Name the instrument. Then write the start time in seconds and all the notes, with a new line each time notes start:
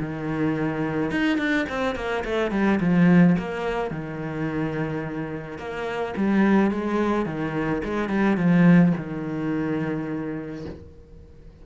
cello
0.00 D#3
1.11 D#4
1.38 D4
1.69 C4
1.96 A#3
2.25 A3
2.51 G3
2.80 F3
3.39 A#3
3.91 D#3
5.58 A#3
6.17 G3
6.71 G#3
7.26 D#3
7.85 G#3
8.09 G3
8.37 F3
8.97 D#3